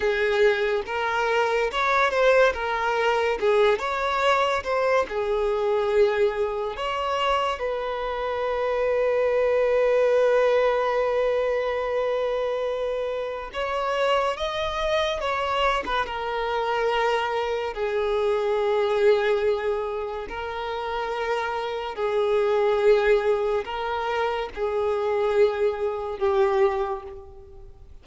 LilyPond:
\new Staff \with { instrumentName = "violin" } { \time 4/4 \tempo 4 = 71 gis'4 ais'4 cis''8 c''8 ais'4 | gis'8 cis''4 c''8 gis'2 | cis''4 b'2.~ | b'1 |
cis''4 dis''4 cis''8. b'16 ais'4~ | ais'4 gis'2. | ais'2 gis'2 | ais'4 gis'2 g'4 | }